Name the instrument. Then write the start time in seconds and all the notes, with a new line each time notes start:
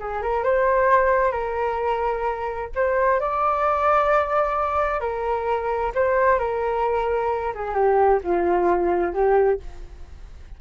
flute
0.00 G#4
0.22 A#4
0.44 C5
1.32 A#4
2.76 C5
3.20 D5
5.01 A#4
5.95 C5
6.40 A#4
7.55 G#4
7.75 G4
8.24 F4
9.14 G4